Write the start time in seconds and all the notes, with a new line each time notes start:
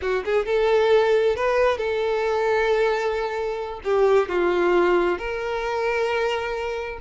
0.01 F#4
0.25 G#4
0.45 A4
1.35 B4
1.77 A4
3.84 G4
4.29 F4
5.18 A#4